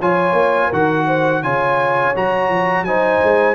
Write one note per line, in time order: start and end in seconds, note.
0.00 0.32 F3
0.00 0.72 F4
0.00 0.67 C#5
0.00 0.72 G#5
0.32 0.68 A#3
0.67 1.43 D#3
0.67 1.43 F#4
0.67 1.03 A#4
0.67 1.43 F#5
1.06 1.42 C5
1.43 2.14 C#3
1.43 2.14 F4
1.43 2.86 C#5
1.43 2.14 G#5
2.14 2.49 F#3
2.14 2.86 F#4
2.14 2.84 A#5
2.49 2.82 F3
2.82 3.18 F#3
2.82 3.54 D#4
2.82 3.54 C5
2.82 3.54 G#5
3.23 3.54 G#3